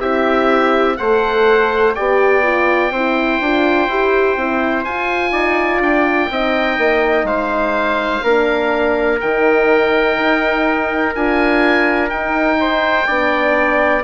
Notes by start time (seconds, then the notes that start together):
0.00 C4 E4 G4 E5
0.97 A3 A4 C5 F#5
1.95 B3 G4 D5 G5
2.43 F4
2.91 C4 E4 C5
3.40 D4 F4
3.88 E4 G4
4.36 C4 E4
4.84 F4 G#5
5.32 D#4 D5
5.80 D4 G5
6.30 C4 D#4 D#5
6.78 A#3
7.24 G#3 C5 F5
8.23 A#3 D4 A#4
9.20 D#3 D#4 G5
10.18 D#4
11.15 D4 F4 G#5
12.08 D#4 G5
12.60 C5
13.07 B3 D4 D5